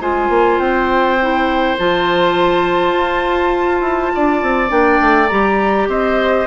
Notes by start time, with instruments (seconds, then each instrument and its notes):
0.00 bassoon G#3, clarinet F4, oboe C5, flute G#5
0.30 bassoon A#3
0.59 bassoon C4, flute G5
1.22 clarinet E4
1.78 bassoon F3, clarinet F4, flute A5
2.94 bassoon F4
3.81 bassoon E4
4.15 bassoon D4, oboe D5
4.43 bassoon C4
4.69 bassoon A#3, clarinet D4, flute G5
5.01 bassoon A3
5.28 bassoon G3, clarinet G4, flute A#5
5.88 bassoon C4, oboe C5, flute D#5